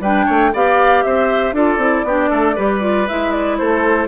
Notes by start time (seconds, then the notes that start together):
0.00 G3 D4 B4 G5
0.26 A3 C#5
0.53 B3 G4 D5 F5
1.03 C4 C5 E5
1.53 D4 F4 A4 D5
1.77 C4 E4
2.04 B3 D4 G4
2.30 A3 A4
2.56 G3 G4 B4
2.81 F4
3.08 G#3 E4 E5
3.32 D5
3.58 A3 A4 C5